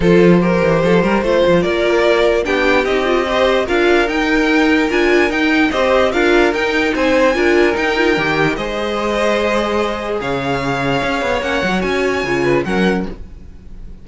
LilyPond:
<<
  \new Staff \with { instrumentName = "violin" } { \time 4/4 \tempo 4 = 147 c''1 | d''2 g''4 dis''4~ | dis''4 f''4 g''2 | gis''4 g''4 dis''4 f''4 |
g''4 gis''2 g''4~ | g''4 dis''2.~ | dis''4 f''2. | fis''4 gis''2 fis''4 | }
  \new Staff \with { instrumentName = "violin" } { \time 4/4 a'4 ais'4 a'8 ais'8 c''4 | ais'2 g'2 | c''4 ais'2.~ | ais'2 c''4 ais'4~ |
ais'4 c''4 ais'2~ | ais'4 c''2.~ | c''4 cis''2.~ | cis''2~ cis''8 b'8 ais'4 | }
  \new Staff \with { instrumentName = "viola" } { \time 4/4 f'4 g'2 f'4~ | f'2 d'4 dis'8 f'8 | g'4 f'4 dis'2 | f'4 dis'4 g'4 f'4 |
dis'2 f'4 dis'8 f'8 | g'4 gis'2.~ | gis'1 | cis'8 fis'4. f'4 cis'4 | }
  \new Staff \with { instrumentName = "cello" } { \time 4/4 f4. e8 f8 g8 a8 f8 | ais2 b4 c'4~ | c'4 d'4 dis'2 | d'4 dis'4 c'4 d'4 |
dis'4 c'4 d'4 dis'4 | dis4 gis2.~ | gis4 cis2 cis'8 b8 | ais8 fis8 cis'4 cis4 fis4 | }
>>